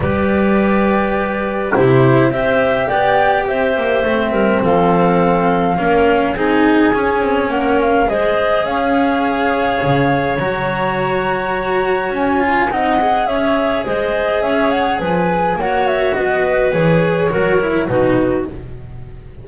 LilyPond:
<<
  \new Staff \with { instrumentName = "flute" } { \time 4/4 \tempo 4 = 104 d''2. c''4 | e''4 g''4 e''2 | f''2. gis''4~ | gis''4 fis''8 f''8 dis''4 f''4~ |
f''2 ais''2~ | ais''4 gis''4 fis''4 e''4 | dis''4 e''8 fis''8 gis''4 fis''8 e''8 | dis''4 cis''2 b'4 | }
  \new Staff \with { instrumentName = "clarinet" } { \time 4/4 b'2. g'4 | c''4 d''4 c''4. ais'8 | a'2 ais'4 gis'4~ | gis'4 ais'4 c''4 cis''4~ |
cis''1~ | cis''2 dis''4 cis''4 | c''4 cis''4 b'4 cis''4 | b'2 ais'4 fis'4 | }
  \new Staff \with { instrumentName = "cello" } { \time 4/4 g'2. e'4 | g'2. c'4~ | c'2 cis'4 dis'4 | cis'2 gis'2~ |
gis'2 fis'2~ | fis'4. f'8 dis'8 gis'4.~ | gis'2. fis'4~ | fis'4 gis'4 fis'8 e'8 dis'4 | }
  \new Staff \with { instrumentName = "double bass" } { \time 4/4 g2. c4 | c'4 b4 c'8 ais8 a8 g8 | f2 ais4 c'4 | cis'8 c'8 ais4 gis4 cis'4~ |
cis'4 cis4 fis2~ | fis4 cis'4 c'4 cis'4 | gis4 cis'4 f4 ais4 | b4 e4 fis4 b,4 | }
>>